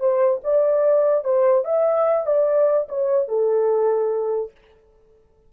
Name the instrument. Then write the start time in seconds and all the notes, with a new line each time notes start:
horn
0.00 C5
0.44 D5
1.24 C5
1.65 E5
2.26 D5
2.89 C#5
3.28 A4